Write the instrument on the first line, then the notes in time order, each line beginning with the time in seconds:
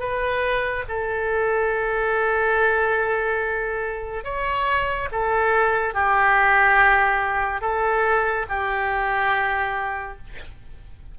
oboe
0.00 B4
0.89 A4
4.24 C#5
5.12 A4
5.95 G4
7.62 A4
8.49 G4